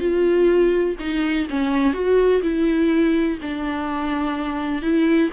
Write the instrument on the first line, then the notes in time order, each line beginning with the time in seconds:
viola
0.00 F4
0.99 D#4
1.50 C#4
1.94 F#4
2.42 E4
3.42 D4
4.82 E4